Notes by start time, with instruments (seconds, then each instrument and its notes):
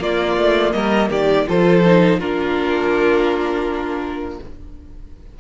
0.00 cello A#3, viola A#3, violin F4 D5
0.37 cello A3
0.72 cello G3, violin A#4 D#5
1.10 cello D#3, violin G4 D5
1.47 cello F3, viola F4, violin A4 C5
1.86 viola D#4
2.20 cello A#3, viola D4, violin F4 A#4